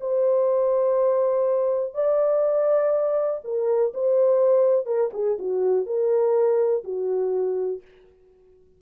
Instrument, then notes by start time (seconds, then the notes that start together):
horn
0.00 C5
1.94 D5
3.43 A#4
3.93 C5
4.85 A#4
5.13 G#4
5.39 F#4
5.86 A#4
6.83 F#4